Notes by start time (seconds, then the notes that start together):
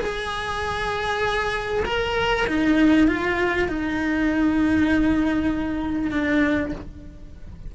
0.00 G#4
1.85 A#4
2.47 D#4
3.08 F4
3.68 D#4
6.11 D4